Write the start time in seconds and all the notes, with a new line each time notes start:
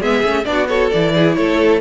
0.00 G#3 B3 G#4 E5
0.24 A3 C#4
0.45 B3 D4 D5
0.52 F#4
0.68 F#4 A4 C#5
0.90 E3 E4 D5
1.15 G#4
1.35 A3 A4 C#5